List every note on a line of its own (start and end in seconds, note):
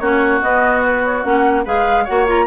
0.00 0.41 A#3
0.00 0.42 C#4
0.00 1.65 F#4
0.00 0.41 C#5
0.42 1.24 B3
0.42 1.25 B3
0.42 0.83 D#5
0.85 1.05 B4
1.05 1.24 C#5
1.24 1.66 A#3
1.24 1.65 C#4
1.24 1.65 F#5
1.65 2.08 G#3
1.65 2.07 G#4
1.65 2.04 B4
1.65 2.06 F5
2.04 2.47 A#3
2.04 2.27 F#4
2.04 2.45 C#5
2.04 2.27 F#5
2.27 2.47 F4
2.27 2.47 A#5